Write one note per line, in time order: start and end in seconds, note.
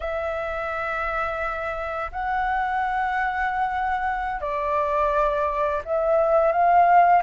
0.00 2.11 E5
2.11 4.40 F#5
4.40 5.81 D5
5.84 6.51 E5
6.51 7.22 F5